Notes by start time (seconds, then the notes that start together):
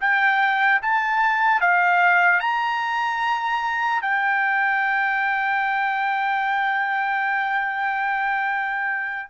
0.00 G5
0.82 A5
1.60 F5
2.40 A#5
4.01 G5